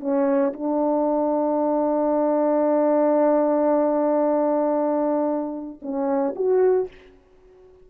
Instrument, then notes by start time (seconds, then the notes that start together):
horn
0.00 C#4
0.53 D4
5.82 C#4
6.35 F#4